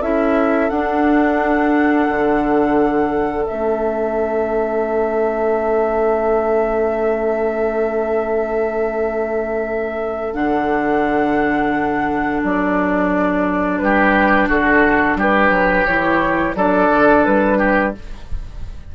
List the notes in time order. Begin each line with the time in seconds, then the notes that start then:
0.00 C#4 E4 A4 E5
0.70 D4 F#5
2.09 D3
3.46 A3 C#4 E5
10.34 D3 D4 F#5
12.44 F#3 D5
13.79 G3 G4 B4
14.48 D3 F#4 A4
15.16 G3 G4 B4
15.50 F#3
15.86 E3 E4 C#5
16.55 F#3 D4 A4 D5
16.91 D3
17.25 G3 B4
17.58 G4